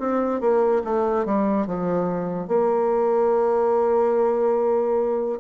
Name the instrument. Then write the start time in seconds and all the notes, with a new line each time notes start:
bassoon
0.00 C4
0.41 A#3
0.84 A3
1.25 G3
1.67 F3
2.48 A#3